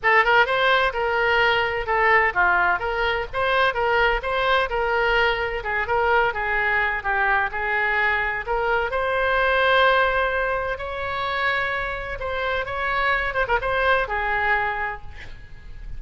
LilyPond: \new Staff \with { instrumentName = "oboe" } { \time 4/4 \tempo 4 = 128 a'8 ais'8 c''4 ais'2 | a'4 f'4 ais'4 c''4 | ais'4 c''4 ais'2 | gis'8 ais'4 gis'4. g'4 |
gis'2 ais'4 c''4~ | c''2. cis''4~ | cis''2 c''4 cis''4~ | cis''8 c''16 ais'16 c''4 gis'2 | }